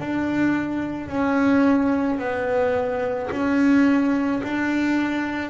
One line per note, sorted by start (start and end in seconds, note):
0.00 1.09 D4
1.09 2.19 C#4
2.19 3.30 B3
3.31 4.42 C#4
4.44 5.51 D4